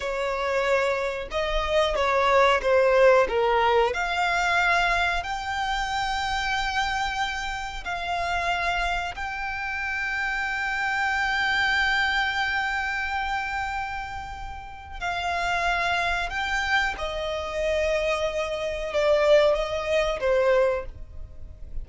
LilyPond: \new Staff \with { instrumentName = "violin" } { \time 4/4 \tempo 4 = 92 cis''2 dis''4 cis''4 | c''4 ais'4 f''2 | g''1 | f''2 g''2~ |
g''1~ | g''2. f''4~ | f''4 g''4 dis''2~ | dis''4 d''4 dis''4 c''4 | }